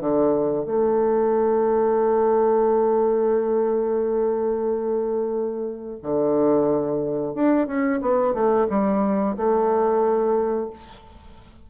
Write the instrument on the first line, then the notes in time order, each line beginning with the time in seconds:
bassoon
0.00 D3
0.65 A3
6.02 D3
7.34 D4
7.67 C#4
8.01 B3
8.33 A3
8.69 G3
9.36 A3